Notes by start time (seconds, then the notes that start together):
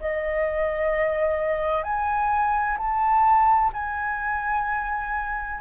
0.00 D#5
1.83 G#5
2.78 A5
3.73 G#5